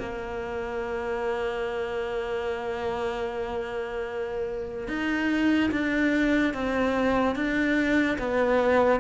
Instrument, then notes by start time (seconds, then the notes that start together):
cello
0.00 A#3
4.89 D#4
5.72 D4
6.54 C4
7.36 D4
8.19 B3